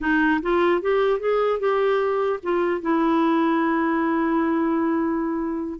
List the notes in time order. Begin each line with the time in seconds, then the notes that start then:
0.00 D#4
0.42 F4
0.81 G4
1.19 G#4
1.59 G4
2.42 F4
2.81 E4